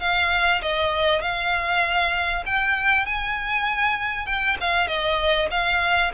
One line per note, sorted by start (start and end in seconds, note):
0.00 0.61 F5
0.62 1.21 D#5
1.21 2.44 F5
2.46 3.06 G5
3.06 4.26 G#5
4.26 4.57 G5
4.60 4.87 F5
4.87 5.48 D#5
5.51 6.12 F5